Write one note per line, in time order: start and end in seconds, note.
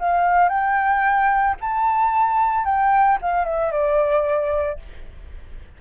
0.00 0.49 F5
0.49 1.56 G5
1.61 2.65 A5
2.65 3.19 G5
3.22 3.45 F5
3.45 3.72 E5
3.72 4.79 D5